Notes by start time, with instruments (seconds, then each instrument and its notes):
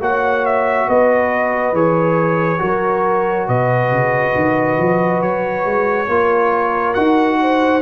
0.00 tuba A#3, trombone F#4, horn C#5, trumpet F#5
0.45 trumpet E5
0.87 tuba B3, horn B4, trumpet D#5
1.72 tuba E3, trombone G#4, trumpet C#5
2.58 tuba F#3, trombone F#4, horn A#4
3.47 tuba B2, horn B4, trumpet D#5
3.91 tuba C#3
4.35 tuba D#3
4.78 tuba F3
5.21 tuba F#3, trumpet C#5
5.65 tuba G#3
6.08 tuba A#3, trombone F4, horn A#4
6.94 tuba D#4, trombone F#4, trumpet F#5
7.41 horn C5